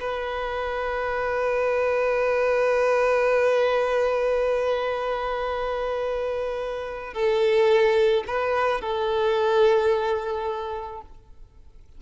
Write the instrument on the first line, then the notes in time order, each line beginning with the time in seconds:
violin
0.00 B4
7.14 A4
8.27 B4
8.81 A4